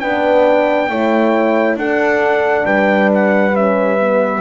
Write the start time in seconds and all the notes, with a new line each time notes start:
0.00 B3 D4 B4 G5
0.89 A3 E4 C#5
1.76 D4 A4 F#5
2.65 G3 B4 G5
3.15 F#5
3.55 C#4 E5
4.00 B3